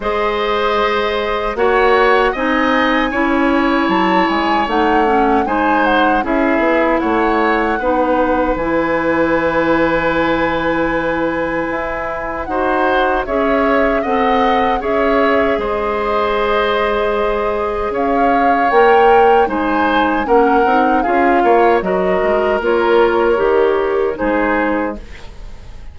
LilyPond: <<
  \new Staff \with { instrumentName = "flute" } { \time 4/4 \tempo 4 = 77 dis''2 fis''4 gis''4~ | gis''4 a''8 gis''8 fis''4 gis''8 fis''8 | e''4 fis''2 gis''4~ | gis''1 |
fis''4 e''4 fis''4 e''4 | dis''2. f''4 | g''4 gis''4 fis''4 f''4 | dis''4 cis''2 c''4 | }
  \new Staff \with { instrumentName = "oboe" } { \time 4/4 c''2 cis''4 dis''4 | cis''2. c''4 | gis'4 cis''4 b'2~ | b'1 |
c''4 cis''4 dis''4 cis''4 | c''2. cis''4~ | cis''4 c''4 ais'4 gis'8 cis''8 | ais'2. gis'4 | }
  \new Staff \with { instrumentName = "clarinet" } { \time 4/4 gis'2 fis'4 dis'4 | e'2 dis'8 cis'8 dis'4 | e'2 dis'4 e'4~ | e'1 |
fis'4 gis'4 a'4 gis'4~ | gis'1 | ais'4 dis'4 cis'8 dis'8 f'4 | fis'4 f'4 g'4 dis'4 | }
  \new Staff \with { instrumentName = "bassoon" } { \time 4/4 gis2 ais4 c'4 | cis'4 fis8 gis8 a4 gis4 | cis'8 b8 a4 b4 e4~ | e2. e'4 |
dis'4 cis'4 c'4 cis'4 | gis2. cis'4 | ais4 gis4 ais8 c'8 cis'8 ais8 | fis8 gis8 ais4 dis4 gis4 | }
>>